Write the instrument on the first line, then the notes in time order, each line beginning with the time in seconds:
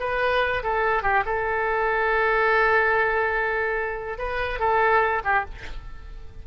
oboe
0.00 B4
0.63 A4
1.03 G4
1.26 A4
4.19 B4
4.60 A4
5.24 G4